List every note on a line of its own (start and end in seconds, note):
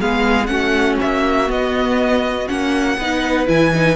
0.00 0.48 G#3
0.00 0.47 B3
0.00 0.50 G#4
0.00 0.46 F5
0.46 0.98 A3
0.46 1.47 C#4
0.46 2.99 F#4
0.46 0.96 F#5
1.01 1.50 A#3
1.01 1.51 E5
1.47 2.46 B3
1.47 2.49 B3
1.47 2.48 D#5
2.48 2.98 A#3
2.48 2.98 C#4
2.48 3.47 F#5
2.98 3.47 B3
2.98 3.47 D#4
2.98 3.96 B4
3.47 3.96 E3
3.47 3.71 E4
3.47 3.96 G#5
3.75 3.96 D#4